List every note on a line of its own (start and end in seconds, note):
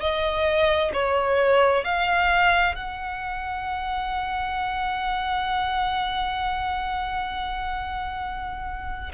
0.00 0.91 D#5
0.93 1.84 C#5
1.84 2.75 F5
2.75 9.12 F#5